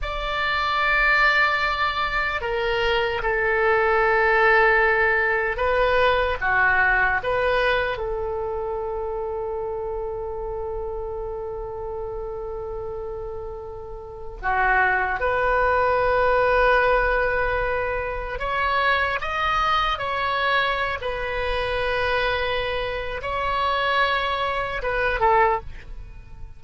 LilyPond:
\new Staff \with { instrumentName = "oboe" } { \time 4/4 \tempo 4 = 75 d''2. ais'4 | a'2. b'4 | fis'4 b'4 a'2~ | a'1~ |
a'2 fis'4 b'4~ | b'2. cis''4 | dis''4 cis''4~ cis''16 b'4.~ b'16~ | b'4 cis''2 b'8 a'8 | }